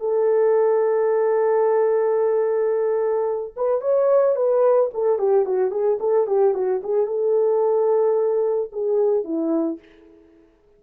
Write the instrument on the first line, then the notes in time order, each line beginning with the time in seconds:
horn
0.00 A4
3.57 B4
3.81 C#5
4.36 B4
4.94 A4
5.19 G4
5.45 F#4
5.71 G#4
6.00 A4
6.27 G4
6.54 F#4
6.84 G#4
7.07 A4
8.72 G#4
9.25 E4